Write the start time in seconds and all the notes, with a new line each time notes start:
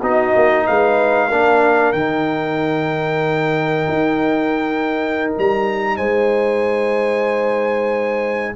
0.00 B3 D#4 F#4 D#5
0.35 A#3
0.66 G#3 B4 F5
1.28 A#3 D4 A#4
1.92 D#3 D#4 G5
3.88 D#4
5.37 G3 A#5
5.97 G#3 C5 G#5